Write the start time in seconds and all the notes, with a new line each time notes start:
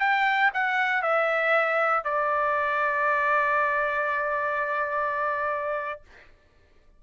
0.00 G5
0.54 F#5
1.03 E5
2.04 D5